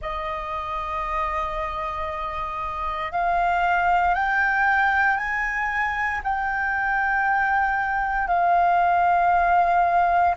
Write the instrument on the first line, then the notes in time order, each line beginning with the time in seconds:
flute
0.01 D#5
3.11 F5
4.14 G5
5.17 G#5
6.23 G5
8.28 F5